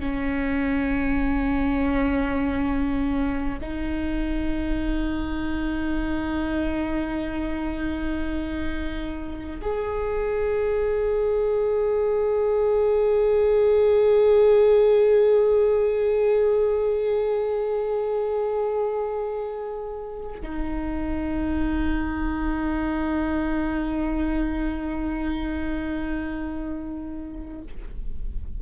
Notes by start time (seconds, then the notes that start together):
0.00 C#4
3.61 D#4
9.62 G#4
20.42 D#4